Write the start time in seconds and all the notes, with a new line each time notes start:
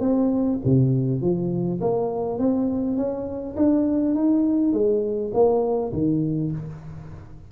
0.00 C4
0.65 C3
1.21 F3
1.81 A#3
2.39 C4
2.97 C#4
3.57 D4
4.15 D#4
4.73 G#3
5.33 A#3
5.93 D#3